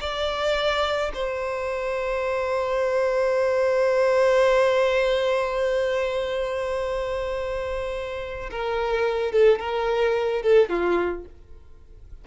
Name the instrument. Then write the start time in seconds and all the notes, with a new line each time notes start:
violin
0.00 D5
1.14 C5
8.50 A#4
9.31 A4
9.59 A#4
10.42 A4
10.69 F4